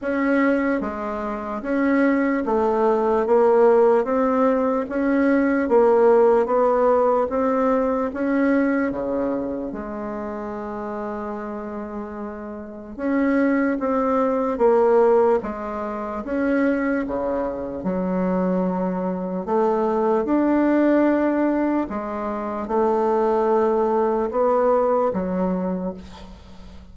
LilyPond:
\new Staff \with { instrumentName = "bassoon" } { \time 4/4 \tempo 4 = 74 cis'4 gis4 cis'4 a4 | ais4 c'4 cis'4 ais4 | b4 c'4 cis'4 cis4 | gis1 |
cis'4 c'4 ais4 gis4 | cis'4 cis4 fis2 | a4 d'2 gis4 | a2 b4 fis4 | }